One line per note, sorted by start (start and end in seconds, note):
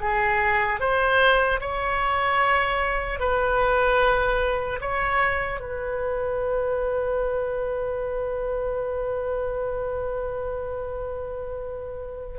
0.00 0.80 G#4
0.80 1.60 C5
1.60 3.19 C#5
3.19 4.79 B4
4.80 5.60 C#5
5.60 12.38 B4